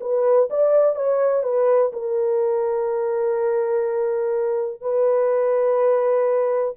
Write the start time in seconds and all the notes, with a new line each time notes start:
0.00 B4
0.50 D5
0.95 C#5
1.43 B4
1.93 A#4
4.81 B4